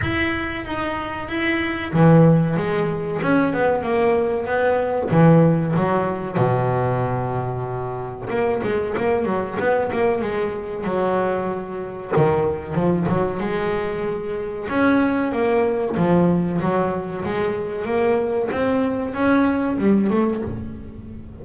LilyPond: \new Staff \with { instrumentName = "double bass" } { \time 4/4 \tempo 4 = 94 e'4 dis'4 e'4 e4 | gis4 cis'8 b8 ais4 b4 | e4 fis4 b,2~ | b,4 ais8 gis8 ais8 fis8 b8 ais8 |
gis4 fis2 dis4 | f8 fis8 gis2 cis'4 | ais4 f4 fis4 gis4 | ais4 c'4 cis'4 g8 a8 | }